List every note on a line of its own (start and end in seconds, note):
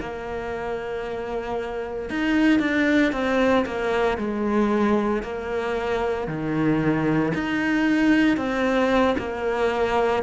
0.00 2.10 A#3
2.10 2.59 D#4
2.59 3.12 D4
3.12 3.65 C4
3.66 4.17 A#3
4.17 5.22 G#3
5.22 6.27 A#3
6.27 7.33 D#3
7.34 8.37 D#4
8.37 9.16 C4
9.18 10.22 A#3